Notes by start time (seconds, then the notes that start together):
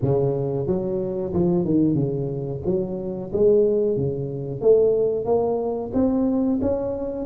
0.02 C#3
0.66 F#3
1.33 F3
1.65 D#3
1.94 C#3
2.65 F#3
3.32 G#3
3.96 C#3
4.61 A3
5.25 A#3
5.93 C4
6.61 C#4